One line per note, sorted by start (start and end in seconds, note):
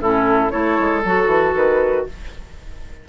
0.00 0.51 A2
0.00 0.51 C#4
0.00 0.53 E4
0.00 0.51 A4
0.51 0.79 A3
0.51 1.02 E4
0.51 2.07 A4
0.51 1.02 C#5
0.79 1.05 G#3
1.05 1.27 F#3
1.05 2.09 F#4
1.05 1.56 A4
1.27 1.52 E3
1.56 2.07 D#3
1.56 2.07 B4